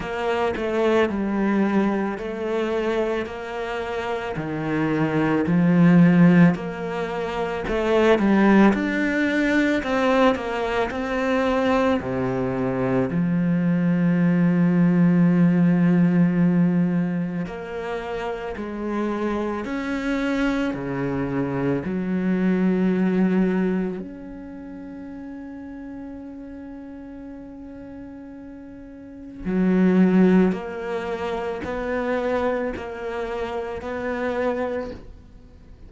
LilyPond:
\new Staff \with { instrumentName = "cello" } { \time 4/4 \tempo 4 = 55 ais8 a8 g4 a4 ais4 | dis4 f4 ais4 a8 g8 | d'4 c'8 ais8 c'4 c4 | f1 |
ais4 gis4 cis'4 cis4 | fis2 cis'2~ | cis'2. fis4 | ais4 b4 ais4 b4 | }